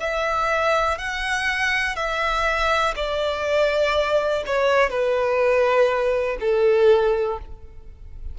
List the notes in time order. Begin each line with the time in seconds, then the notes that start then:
0.00 E5
0.98 F#5
1.96 E5
2.96 D5
4.47 C#5
4.90 B4
6.41 A4